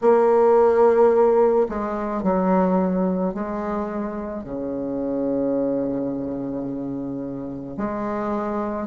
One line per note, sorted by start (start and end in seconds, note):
0.01 1.67 A#3
1.68 2.22 G#3
2.22 3.33 F#3
3.33 4.43 G#3
4.43 7.77 C#3
7.77 8.87 G#3